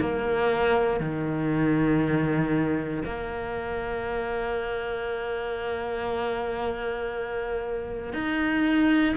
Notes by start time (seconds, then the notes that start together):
0.00 A#3
1.00 D#3
3.05 A#3
8.14 D#4